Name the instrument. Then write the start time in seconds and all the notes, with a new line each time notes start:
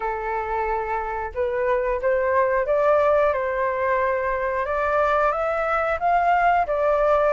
flute
0.00 A4
1.34 B4
2.01 C5
2.66 D5
3.33 C5
4.65 D5
5.32 E5
5.99 F5
6.66 D5